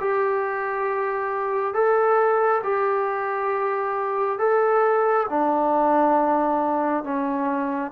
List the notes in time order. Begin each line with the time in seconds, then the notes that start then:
0.00 G4
1.74 A4
2.64 G4
4.38 A4
5.29 D4
7.03 C#4